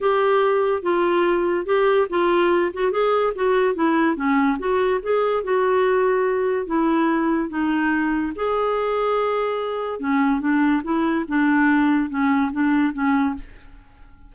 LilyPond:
\new Staff \with { instrumentName = "clarinet" } { \time 4/4 \tempo 4 = 144 g'2 f'2 | g'4 f'4. fis'8 gis'4 | fis'4 e'4 cis'4 fis'4 | gis'4 fis'2. |
e'2 dis'2 | gis'1 | cis'4 d'4 e'4 d'4~ | d'4 cis'4 d'4 cis'4 | }